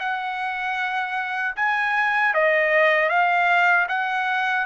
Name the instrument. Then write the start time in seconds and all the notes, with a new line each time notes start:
trumpet
0.00 F#5
1.56 G#5
2.34 D#5
3.10 F5
3.89 F#5